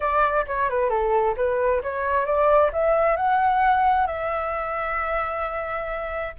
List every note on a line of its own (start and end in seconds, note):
0.00 0.45 D5
0.46 0.69 C#5
0.69 0.89 B4
0.89 1.35 A4
1.36 1.82 B4
1.82 2.25 C#5
2.25 2.70 D5
2.72 3.16 E5
3.16 4.07 F#5
4.07 6.34 E5